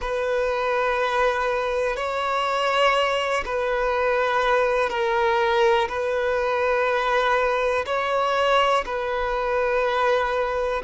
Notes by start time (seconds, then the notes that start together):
0.00 B4
1.96 C#5
3.45 B4
4.89 A#4
5.88 B4
7.86 C#5
8.85 B4